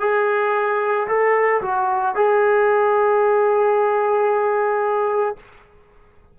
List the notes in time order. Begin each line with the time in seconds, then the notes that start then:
0.00 G#4
1.08 A4
1.62 F#4
2.15 G#4